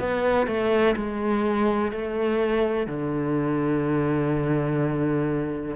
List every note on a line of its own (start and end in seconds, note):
0.00 0.47 B3
0.47 0.95 A3
0.96 1.92 G#3
1.92 2.87 A3
2.87 5.76 D3